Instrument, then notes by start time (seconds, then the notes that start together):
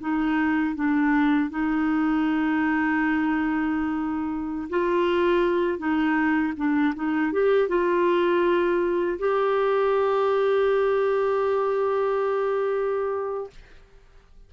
clarinet
0.00 D#4
0.75 D4
1.50 D#4
4.69 F4
5.78 D#4
6.57 D4
6.95 D#4
7.32 G4
7.68 F4
9.19 G4